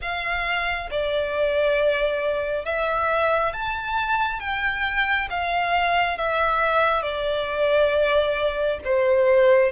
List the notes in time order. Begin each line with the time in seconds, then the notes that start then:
0.01 F5
0.91 D5
2.65 E5
3.53 A5
4.40 G5
5.29 F5
6.17 E5
7.02 D5
8.84 C5